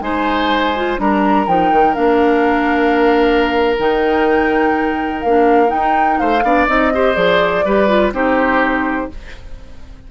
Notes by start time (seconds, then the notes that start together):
0.00 G#3 D#4 C5 G#5
0.75 F4
0.97 G3 D4 A#4 A#5
1.46 F3 D#4 G5
1.71 D#3
1.94 A#3 D4 F5
3.78 D#3 D#4 G5
5.21 A#3 D4 F5
5.67 D#4 G5
6.17 A3 C5 F5
6.42 B3 D4 D5
6.66 C4 D#4 D#5
6.94 G4 C5
7.14 F3 G#4 D5
7.64 G3 G4 B4
7.87 F4
8.12 C4 D#4 G4 C5